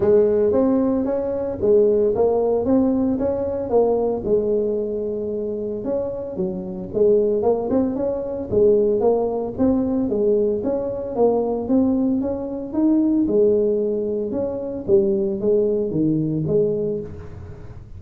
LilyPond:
\new Staff \with { instrumentName = "tuba" } { \time 4/4 \tempo 4 = 113 gis4 c'4 cis'4 gis4 | ais4 c'4 cis'4 ais4 | gis2. cis'4 | fis4 gis4 ais8 c'8 cis'4 |
gis4 ais4 c'4 gis4 | cis'4 ais4 c'4 cis'4 | dis'4 gis2 cis'4 | g4 gis4 dis4 gis4 | }